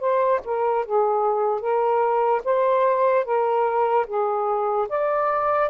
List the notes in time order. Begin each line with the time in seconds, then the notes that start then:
0.00 C5
0.45 A#4
0.86 G#4
1.61 A#4
2.45 C5
3.25 A#4
4.07 G#4
4.89 D5